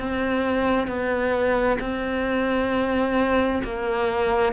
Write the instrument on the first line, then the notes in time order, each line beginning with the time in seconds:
cello
0.00 C4
0.88 B3
1.81 C4
3.64 A#3